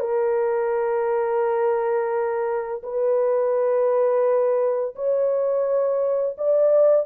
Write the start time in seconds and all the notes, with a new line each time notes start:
0.00 A#4
2.83 B4
4.95 C#5
6.38 D5